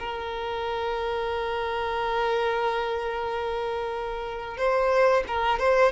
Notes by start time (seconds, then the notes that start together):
0.00 A#4
4.58 C5
5.28 A#4
5.60 C5